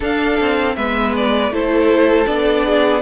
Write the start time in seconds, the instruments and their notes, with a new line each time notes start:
0.00 viola D4, cello D4, violin A4 F5
0.40 cello C4
0.75 cello G#3, viola B3, violin B4 E5
1.16 violin D5
1.50 cello A3, viola E4, violin A4 C5
2.25 cello B3, viola D4, violin D5
2.65 violin G#4